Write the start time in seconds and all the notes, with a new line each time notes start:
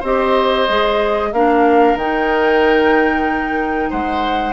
0.00 C4 G4 C5 D#5
0.69 G#3 G#4
1.32 A#3 D4 A#4 F5
1.95 D#3 D#4 G5
3.90 G#3 C5 F#5